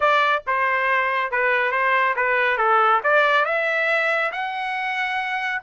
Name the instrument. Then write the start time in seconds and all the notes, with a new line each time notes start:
trumpet
0.00 D5
0.47 C5
1.31 B4
1.71 C5
2.16 B4
2.57 A4
3.03 D5
3.45 E5
4.32 F#5